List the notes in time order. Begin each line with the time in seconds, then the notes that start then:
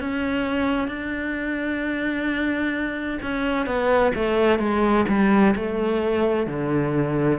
0.00 C#4
0.88 D4
3.23 C#4
3.66 B3
4.15 A3
4.59 G#3
5.09 G3
5.56 A3
6.47 D3